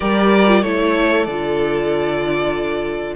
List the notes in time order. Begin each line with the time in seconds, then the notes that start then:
0.00 G3 G4 A#4 D5
0.47 F4
0.61 A3 E4 A4 C#5
1.24 D3 F4 D5